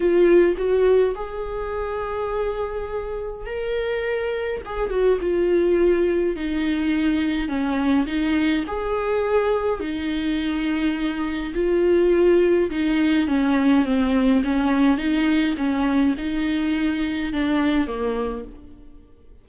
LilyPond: \new Staff \with { instrumentName = "viola" } { \time 4/4 \tempo 4 = 104 f'4 fis'4 gis'2~ | gis'2 ais'2 | gis'8 fis'8 f'2 dis'4~ | dis'4 cis'4 dis'4 gis'4~ |
gis'4 dis'2. | f'2 dis'4 cis'4 | c'4 cis'4 dis'4 cis'4 | dis'2 d'4 ais4 | }